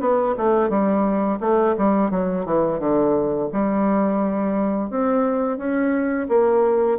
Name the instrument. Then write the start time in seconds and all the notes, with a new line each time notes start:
bassoon
0.00 B3
0.37 A3
0.69 G3
1.40 A3
1.78 G3
2.11 F#3
2.45 E3
2.79 D3
3.52 G3
4.90 C4
5.58 C#4
6.28 A#3